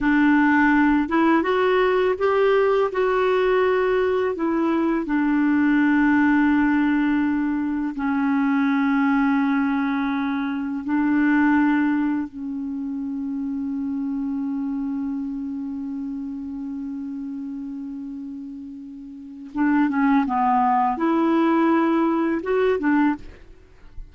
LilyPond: \new Staff \with { instrumentName = "clarinet" } { \time 4/4 \tempo 4 = 83 d'4. e'8 fis'4 g'4 | fis'2 e'4 d'4~ | d'2. cis'4~ | cis'2. d'4~ |
d'4 cis'2.~ | cis'1~ | cis'2. d'8 cis'8 | b4 e'2 fis'8 d'8 | }